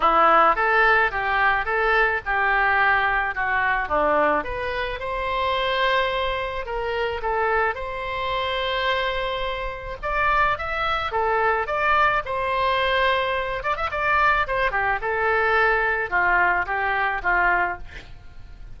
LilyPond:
\new Staff \with { instrumentName = "oboe" } { \time 4/4 \tempo 4 = 108 e'4 a'4 g'4 a'4 | g'2 fis'4 d'4 | b'4 c''2. | ais'4 a'4 c''2~ |
c''2 d''4 e''4 | a'4 d''4 c''2~ | c''8 d''16 e''16 d''4 c''8 g'8 a'4~ | a'4 f'4 g'4 f'4 | }